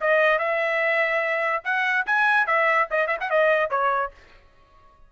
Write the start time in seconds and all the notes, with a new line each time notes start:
0.00 D#5
0.38 E5
1.64 F#5
2.06 G#5
2.46 E5
2.90 D#5
3.07 E5
3.20 F#5
3.30 D#5
3.70 C#5